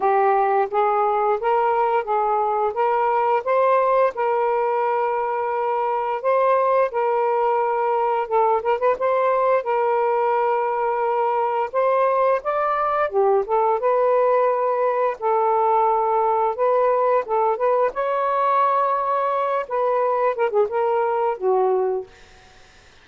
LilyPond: \new Staff \with { instrumentName = "saxophone" } { \time 4/4 \tempo 4 = 87 g'4 gis'4 ais'4 gis'4 | ais'4 c''4 ais'2~ | ais'4 c''4 ais'2 | a'8 ais'16 b'16 c''4 ais'2~ |
ais'4 c''4 d''4 g'8 a'8 | b'2 a'2 | b'4 a'8 b'8 cis''2~ | cis''8 b'4 ais'16 gis'16 ais'4 fis'4 | }